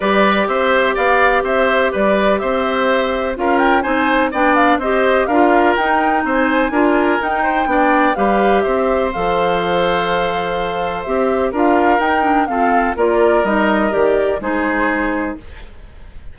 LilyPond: <<
  \new Staff \with { instrumentName = "flute" } { \time 4/4 \tempo 4 = 125 d''4 e''4 f''4 e''4 | d''4 e''2 f''8 g''8 | gis''4 g''8 f''8 dis''4 f''4 | g''4 gis''2 g''4~ |
g''4 f''4 e''4 f''4~ | f''2. e''4 | f''4 g''4 f''4 d''4 | dis''4 d''4 c''2 | }
  \new Staff \with { instrumentName = "oboe" } { \time 4/4 b'4 c''4 d''4 c''4 | b'4 c''2 ais'4 | c''4 d''4 c''4 ais'4~ | ais'4 c''4 ais'4. c''8 |
d''4 b'4 c''2~ | c''1 | ais'2 a'4 ais'4~ | ais'2 gis'2 | }
  \new Staff \with { instrumentName = "clarinet" } { \time 4/4 g'1~ | g'2. f'4 | dis'4 d'4 g'4 f'4 | dis'2 f'4 dis'4 |
d'4 g'2 a'4~ | a'2. g'4 | f'4 dis'8 d'8 c'4 f'4 | dis'4 g'4 dis'2 | }
  \new Staff \with { instrumentName = "bassoon" } { \time 4/4 g4 c'4 b4 c'4 | g4 c'2 cis'4 | c'4 b4 c'4 d'4 | dis'4 c'4 d'4 dis'4 |
b4 g4 c'4 f4~ | f2. c'4 | d'4 dis'4 f'4 ais4 | g4 dis4 gis2 | }
>>